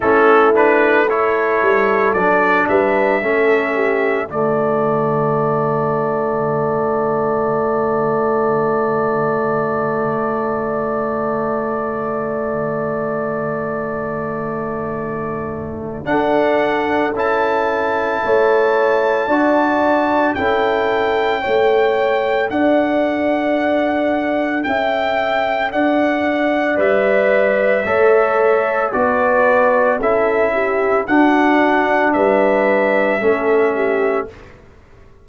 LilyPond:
<<
  \new Staff \with { instrumentName = "trumpet" } { \time 4/4 \tempo 4 = 56 a'8 b'8 cis''4 d''8 e''4. | d''1~ | d''1~ | d''2. fis''4 |
a''2. g''4~ | g''4 fis''2 g''4 | fis''4 e''2 d''4 | e''4 fis''4 e''2 | }
  \new Staff \with { instrumentName = "horn" } { \time 4/4 e'4 a'4. b'8 a'8 g'8 | fis'1~ | fis'1~ | fis'2. a'4~ |
a'4 cis''4 d''4 a'4 | cis''4 d''2 e''4 | d''2 cis''4 b'4 | a'8 g'8 fis'4 b'4 a'8 g'8 | }
  \new Staff \with { instrumentName = "trombone" } { \time 4/4 cis'8 d'8 e'4 d'4 cis'4 | a1~ | a1~ | a2. d'4 |
e'2 fis'4 e'4 | a'1~ | a'4 b'4 a'4 fis'4 | e'4 d'2 cis'4 | }
  \new Staff \with { instrumentName = "tuba" } { \time 4/4 a4. g8 fis8 g8 a4 | d1~ | d1~ | d2. d'4 |
cis'4 a4 d'4 cis'4 | a4 d'2 cis'4 | d'4 g4 a4 b4 | cis'4 d'4 g4 a4 | }
>>